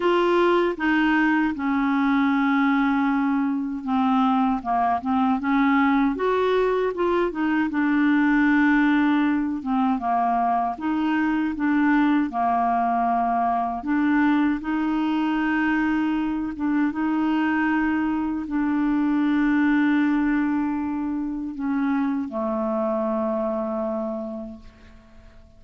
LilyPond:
\new Staff \with { instrumentName = "clarinet" } { \time 4/4 \tempo 4 = 78 f'4 dis'4 cis'2~ | cis'4 c'4 ais8 c'8 cis'4 | fis'4 f'8 dis'8 d'2~ | d'8 c'8 ais4 dis'4 d'4 |
ais2 d'4 dis'4~ | dis'4. d'8 dis'2 | d'1 | cis'4 a2. | }